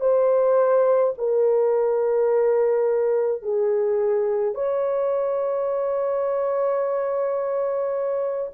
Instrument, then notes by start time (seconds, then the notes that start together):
horn
0.00 C5
1.18 A#4
3.42 G#4
4.54 C#5